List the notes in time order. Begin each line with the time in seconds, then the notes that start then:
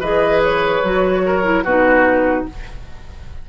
0.00 E3 G#4 B4 D#5
0.43 C#5
0.84 F#3 F#4
1.26 A#4
1.44 E4
1.64 B2 D#4 F#4 B4